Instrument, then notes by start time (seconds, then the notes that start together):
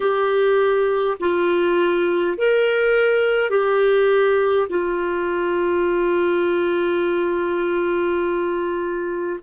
clarinet
0.00 G4
1.20 F4
2.37 A#4
3.50 G4
4.68 F4